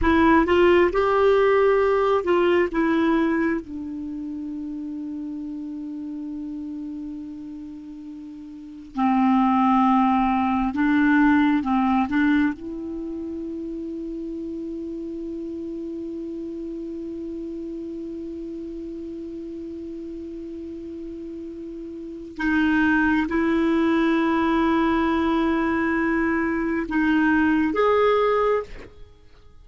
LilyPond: \new Staff \with { instrumentName = "clarinet" } { \time 4/4 \tempo 4 = 67 e'8 f'8 g'4. f'8 e'4 | d'1~ | d'2 c'2 | d'4 c'8 d'8 e'2~ |
e'1~ | e'1~ | e'4 dis'4 e'2~ | e'2 dis'4 gis'4 | }